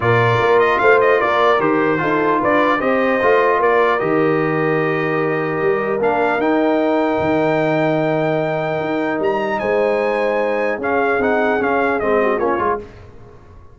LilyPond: <<
  \new Staff \with { instrumentName = "trumpet" } { \time 4/4 \tempo 4 = 150 d''4. dis''8 f''8 dis''8 d''4 | c''2 d''4 dis''4~ | dis''4 d''4 dis''2~ | dis''2. f''4 |
g''1~ | g''2. ais''4 | gis''2. f''4 | fis''4 f''4 dis''4 cis''4 | }
  \new Staff \with { instrumentName = "horn" } { \time 4/4 ais'2 c''4 ais'4~ | ais'4 a'4 b'4 c''4~ | c''4 ais'2.~ | ais'1~ |
ais'1~ | ais'1 | c''2. gis'4~ | gis'2~ gis'8 fis'8 f'4 | }
  \new Staff \with { instrumentName = "trombone" } { \time 4/4 f'1 | g'4 f'2 g'4 | f'2 g'2~ | g'2. d'4 |
dis'1~ | dis'1~ | dis'2. cis'4 | dis'4 cis'4 c'4 cis'8 f'8 | }
  \new Staff \with { instrumentName = "tuba" } { \time 4/4 ais,4 ais4 a4 ais4 | dis4 dis'4 d'4 c'4 | a4 ais4 dis2~ | dis2 g4 ais4 |
dis'2 dis2~ | dis2 dis'4 g4 | gis2. cis'4 | c'4 cis'4 gis4 ais8 gis8 | }
>>